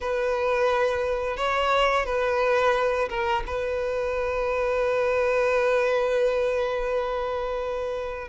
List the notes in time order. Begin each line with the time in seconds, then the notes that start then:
0.00 B4
1.36 C#5
2.05 B4
3.09 A#4
3.46 B4